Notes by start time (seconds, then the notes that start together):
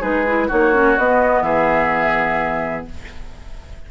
0.00 G#3 D#4 G#4 B4
0.27 E4
0.47 A#3 D#4 F#4 C#5
0.73 C#4
0.97 B3 D#5
1.42 E3 G#4 E5